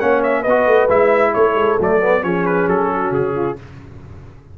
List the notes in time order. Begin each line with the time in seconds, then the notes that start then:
0.00 A#3 C#4 C#5 F#5
0.23 E5
0.41 B3 B4 D#5
0.49 F#4
0.67 A3
0.89 G#3 E4 E5
1.34 A3 A4 C#5
1.56 G#3
1.80 F#3 A3 D5
2.01 B3
2.22 F3 C#4 G#4 C#5
2.46 B4
2.68 F#3 A4
2.93 F#4
3.11 C#3 G#4
3.35 F4